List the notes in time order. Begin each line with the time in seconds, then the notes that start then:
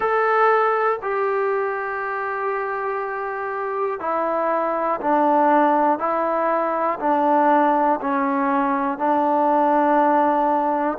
0.00 A4
1.01 G4
4.00 E4
5.00 D4
5.98 E4
7.00 D4
8.00 C#4
8.98 D4